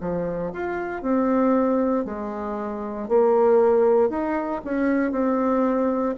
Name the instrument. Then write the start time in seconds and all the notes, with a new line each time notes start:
bassoon
0.00 F3
0.53 F4
1.02 C4
2.05 G#3
3.08 A#3
4.09 D#4
4.64 C#4
5.12 C4